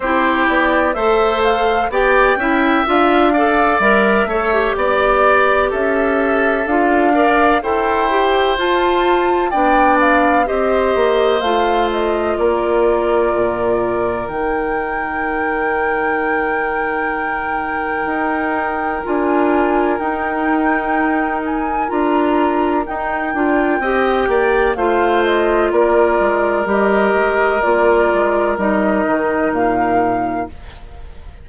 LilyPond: <<
  \new Staff \with { instrumentName = "flute" } { \time 4/4 \tempo 4 = 63 c''8 d''8 e''8 f''8 g''4 f''4 | e''4 d''4 e''4 f''4 | g''4 a''4 g''8 f''8 dis''4 | f''8 dis''8 d''2 g''4~ |
g''1 | gis''4 g''4. gis''8 ais''4 | g''2 f''8 dis''8 d''4 | dis''4 d''4 dis''4 f''4 | }
  \new Staff \with { instrumentName = "oboe" } { \time 4/4 g'4 c''4 d''8 e''4 d''8~ | d''8 cis''8 d''4 a'4. d''8 | c''2 d''4 c''4~ | c''4 ais'2.~ |
ais'1~ | ais'1~ | ais'4 dis''8 d''8 c''4 ais'4~ | ais'1 | }
  \new Staff \with { instrumentName = "clarinet" } { \time 4/4 e'4 a'4 g'8 e'8 f'8 a'8 | ais'8 a'16 g'2~ g'16 f'8 ais'8 | a'8 g'8 f'4 d'4 g'4 | f'2. dis'4~ |
dis'1 | f'4 dis'2 f'4 | dis'8 f'8 g'4 f'2 | g'4 f'4 dis'2 | }
  \new Staff \with { instrumentName = "bassoon" } { \time 4/4 c'8 b8 a4 b8 cis'8 d'4 | g8 a8 b4 cis'4 d'4 | e'4 f'4 b4 c'8 ais8 | a4 ais4 ais,4 dis4~ |
dis2. dis'4 | d'4 dis'2 d'4 | dis'8 d'8 c'8 ais8 a4 ais8 gis8 | g8 gis8 ais8 gis8 g8 dis8 ais,4 | }
>>